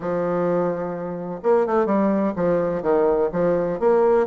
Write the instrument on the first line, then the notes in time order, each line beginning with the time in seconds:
bassoon
0.00 F3
1.42 A#3
1.66 A3
1.86 G3
2.36 F3
2.82 D#3
3.32 F3
3.79 A#3